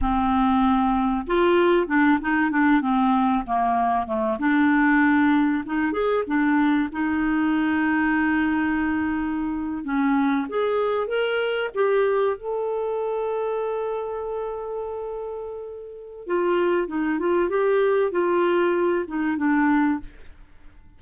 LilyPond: \new Staff \with { instrumentName = "clarinet" } { \time 4/4 \tempo 4 = 96 c'2 f'4 d'8 dis'8 | d'8 c'4 ais4 a8 d'4~ | d'4 dis'8 gis'8 d'4 dis'4~ | dis'2.~ dis'8. cis'16~ |
cis'8. gis'4 ais'4 g'4 a'16~ | a'1~ | a'2 f'4 dis'8 f'8 | g'4 f'4. dis'8 d'4 | }